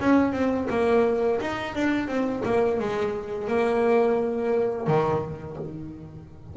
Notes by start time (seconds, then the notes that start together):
0.00 C#4
0.32 C4
0.70 A#3
1.40 D#4
1.75 D4
2.07 C4
2.45 A#3
2.80 G#3
3.48 A#3
4.87 D#3